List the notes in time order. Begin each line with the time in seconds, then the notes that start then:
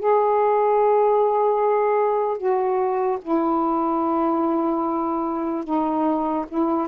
0.00 G#4
2.38 F#4
3.22 E4
5.65 D#4
6.49 E4